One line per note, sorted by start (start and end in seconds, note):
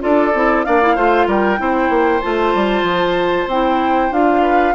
0.00 0.34 D4
0.00 0.32 F4
0.00 0.66 A4
0.00 0.65 D5
0.34 0.66 C4
0.34 0.65 E4
0.65 0.96 A#3
0.65 0.81 D4
0.65 0.95 D5
0.65 1.28 F5
0.82 0.97 E4
0.95 1.27 A3
0.95 1.57 F4
0.95 1.27 C5
1.27 1.59 G3
1.27 1.59 A#4
1.27 2.21 G5
1.57 1.89 C4
1.57 2.20 E4
1.57 4.42 C5
1.89 2.21 A#3
2.21 2.54 A3
2.21 3.49 F4
2.21 3.48 A5
2.54 2.82 G3
2.82 3.46 F3
3.47 4.10 C4
3.47 4.12 E4
3.47 4.13 G5
4.11 4.74 D4
4.11 4.75 F4
4.11 4.75 F5
4.42 4.73 B4